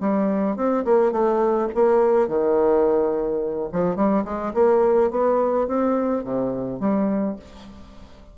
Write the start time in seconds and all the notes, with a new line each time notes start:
0.00 G3
0.56 C4
0.84 A#3
1.11 A3
1.74 A#3
2.28 D#3
3.72 F3
3.96 G3
4.25 G#3
4.54 A#3
5.11 B3
5.67 C4
6.24 C3
6.80 G3